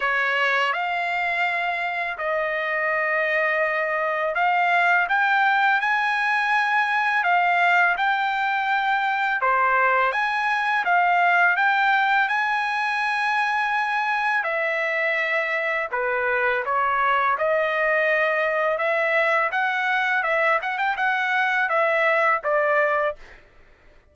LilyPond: \new Staff \with { instrumentName = "trumpet" } { \time 4/4 \tempo 4 = 83 cis''4 f''2 dis''4~ | dis''2 f''4 g''4 | gis''2 f''4 g''4~ | g''4 c''4 gis''4 f''4 |
g''4 gis''2. | e''2 b'4 cis''4 | dis''2 e''4 fis''4 | e''8 fis''16 g''16 fis''4 e''4 d''4 | }